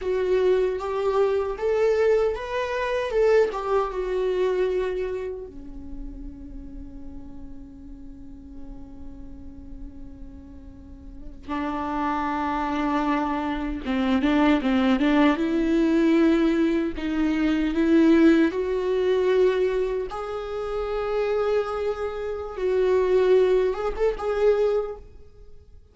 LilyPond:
\new Staff \with { instrumentName = "viola" } { \time 4/4 \tempo 4 = 77 fis'4 g'4 a'4 b'4 | a'8 g'8 fis'2 cis'4~ | cis'1~ | cis'2~ cis'8. d'4~ d'16~ |
d'4.~ d'16 c'8 d'8 c'8 d'8 e'16~ | e'4.~ e'16 dis'4 e'4 fis'16~ | fis'4.~ fis'16 gis'2~ gis'16~ | gis'4 fis'4. gis'16 a'16 gis'4 | }